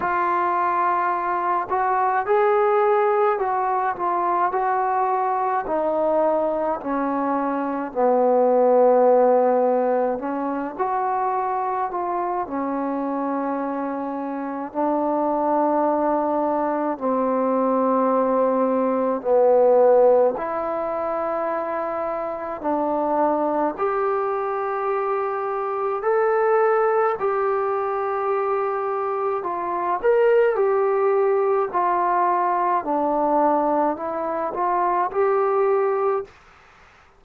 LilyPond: \new Staff \with { instrumentName = "trombone" } { \time 4/4 \tempo 4 = 53 f'4. fis'8 gis'4 fis'8 f'8 | fis'4 dis'4 cis'4 b4~ | b4 cis'8 fis'4 f'8 cis'4~ | cis'4 d'2 c'4~ |
c'4 b4 e'2 | d'4 g'2 a'4 | g'2 f'8 ais'8 g'4 | f'4 d'4 e'8 f'8 g'4 | }